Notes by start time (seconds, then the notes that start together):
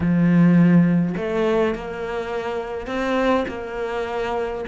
0.00 F3
1.16 A3
1.74 A#3
2.86 C4
3.48 A#3